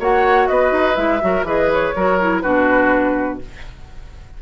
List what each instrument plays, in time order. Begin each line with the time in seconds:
0.00 bassoon A#3, clarinet F#4, oboe C#5, flute F#5
0.48 bassoon B3, oboe B4, flute D#5
0.72 bassoon D#4
0.95 bassoon G#3, clarinet E4, flute E5
1.22 bassoon F#3, clarinet F#4, oboe A#4
1.43 bassoon E3, clarinet G#4, oboe B4, flute D#5
1.73 flute C#5
1.96 bassoon F#3, clarinet F#4, oboe A#4
2.21 clarinet E4
2.42 bassoon B2, clarinet D4, oboe F#4, flute B4